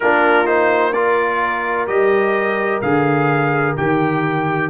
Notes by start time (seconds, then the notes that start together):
0.00 A#3 D4 F4 A#4
0.46 D#4 C5
0.92 F4 A#4 D5
1.87 G3 G4 D#5
2.81 D3 G#4 F5
3.76 D#3 G4 G5